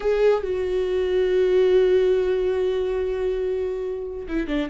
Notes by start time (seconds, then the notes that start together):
0.00 G#4
0.43 F#4
4.28 E4
4.47 D4